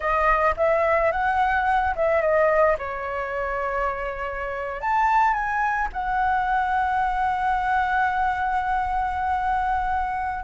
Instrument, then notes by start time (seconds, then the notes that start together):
flute
0.00 D#5
0.56 E5
1.11 F#5
1.95 E5
2.21 D#5
2.78 C#5
4.81 A5
5.33 G#5
5.92 F#5